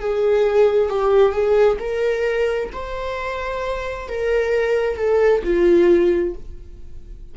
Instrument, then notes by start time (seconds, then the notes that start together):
viola
0.00 G#4
0.89 G4
1.32 G#4
1.79 A#4
2.73 C5
4.09 A#4
4.97 A4
5.44 F4